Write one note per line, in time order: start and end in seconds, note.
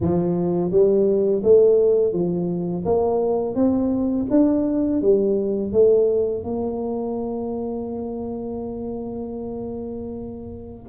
0.01 0.71 F3
0.71 1.42 G3
1.43 2.12 A3
2.12 2.84 F3
2.85 3.55 A#3
3.55 4.26 C4
4.30 5.01 D4
5.01 5.72 G3
5.72 6.43 A3
6.43 10.88 A#3